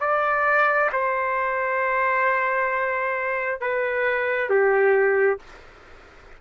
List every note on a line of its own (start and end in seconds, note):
0.00 0.90 D5
0.92 3.61 C5
3.61 4.49 B4
4.49 5.39 G4